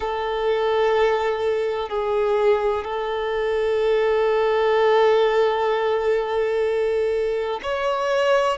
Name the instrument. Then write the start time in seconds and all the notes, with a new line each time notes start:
violin
0.00 A4
1.89 G#4
2.84 A4
7.62 C#5